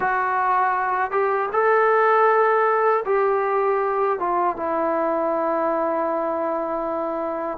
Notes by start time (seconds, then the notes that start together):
0.00 F#4
1.11 G4
1.52 A4
3.05 G4
4.19 F4
4.56 E4